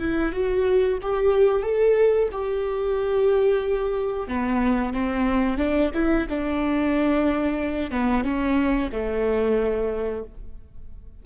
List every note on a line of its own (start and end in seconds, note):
0.00 0.33 E4
0.33 0.99 F#4
1.02 1.63 G4
1.63 2.29 A4
2.32 4.28 G4
4.28 4.94 B3
4.94 5.58 C4
5.58 5.91 D4
5.94 6.27 E4
6.30 7.91 D4
7.91 8.24 B3
8.24 8.90 C#4
8.92 10.24 A3